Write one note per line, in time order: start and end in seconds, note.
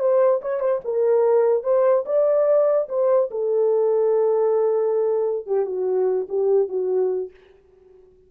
0.00 0.41 C5
0.42 0.60 C#5
0.60 0.81 C5
0.84 1.64 A#4
1.64 2.05 C5
2.06 2.88 D5
2.89 3.30 C5
3.31 5.47 A4
5.47 5.66 G4
5.66 6.27 F#4
6.29 6.69 G4
6.69 7.30 F#4